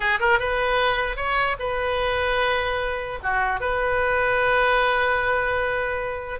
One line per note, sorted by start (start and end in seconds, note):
0.00 0.19 G#4
0.19 0.39 A#4
0.39 1.16 B4
1.16 1.56 C#5
1.59 3.19 B4
3.22 3.60 F#4
3.60 6.39 B4